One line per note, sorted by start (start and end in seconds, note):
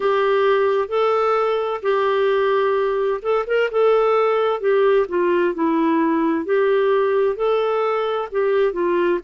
0.00 0.88 G4
0.88 1.80 A4
1.82 3.21 G4
3.21 3.44 A4
3.46 3.69 A#4
3.71 4.60 A4
4.60 5.06 G4
5.08 5.54 F4
5.54 6.45 E4
6.45 7.36 G4
7.36 8.28 A4
8.31 8.72 G4
8.72 9.18 F4